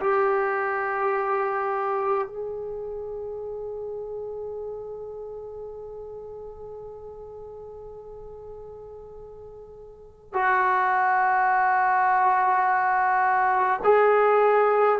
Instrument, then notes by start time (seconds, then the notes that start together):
trombone
0.00 G4
2.28 G#4
10.33 F#4
13.84 G#4